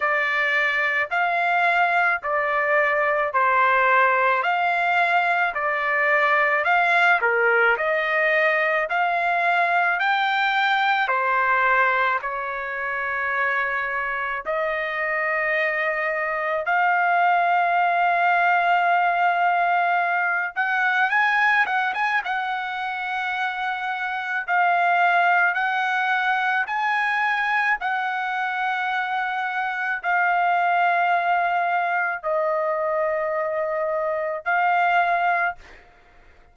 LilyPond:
\new Staff \with { instrumentName = "trumpet" } { \time 4/4 \tempo 4 = 54 d''4 f''4 d''4 c''4 | f''4 d''4 f''8 ais'8 dis''4 | f''4 g''4 c''4 cis''4~ | cis''4 dis''2 f''4~ |
f''2~ f''8 fis''8 gis''8 fis''16 gis''16 | fis''2 f''4 fis''4 | gis''4 fis''2 f''4~ | f''4 dis''2 f''4 | }